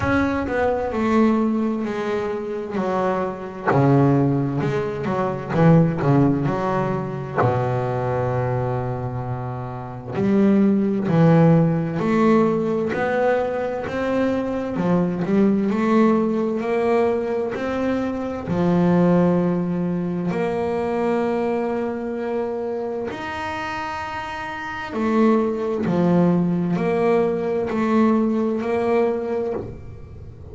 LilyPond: \new Staff \with { instrumentName = "double bass" } { \time 4/4 \tempo 4 = 65 cis'8 b8 a4 gis4 fis4 | cis4 gis8 fis8 e8 cis8 fis4 | b,2. g4 | e4 a4 b4 c'4 |
f8 g8 a4 ais4 c'4 | f2 ais2~ | ais4 dis'2 a4 | f4 ais4 a4 ais4 | }